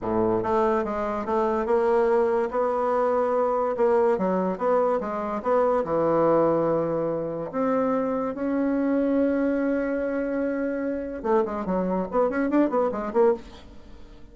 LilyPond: \new Staff \with { instrumentName = "bassoon" } { \time 4/4 \tempo 4 = 144 a,4 a4 gis4 a4 | ais2 b2~ | b4 ais4 fis4 b4 | gis4 b4 e2~ |
e2 c'2 | cis'1~ | cis'2. a8 gis8 | fis4 b8 cis'8 d'8 b8 gis8 ais8 | }